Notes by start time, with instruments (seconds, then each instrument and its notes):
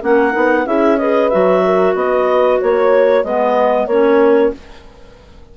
0.00 bassoon A#3, clarinet C#4 F#5, horn A#4
0.31 bassoon B3, clarinet D#4
0.65 bassoon C#4, clarinet E4 E5, horn G#4
0.97 clarinet G#4 D#5, horn B4
1.29 bassoon F#3, clarinet F#4 E5
1.65 horn A#4
1.94 bassoon B3, horn B4, clarinet D#5
2.60 bassoon A#3, clarinet C#5, horn C#5
3.24 bassoon G#3, clarinet B3 D#5, horn B4
3.86 bassoon A#3, clarinet C#4 C#5, horn A#4